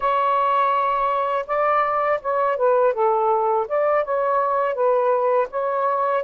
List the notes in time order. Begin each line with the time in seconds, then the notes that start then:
0.00 C#5
1.46 D5
2.22 C#5
2.56 B4
2.93 A4
3.68 D5
4.04 C#5
4.74 B4
5.50 C#5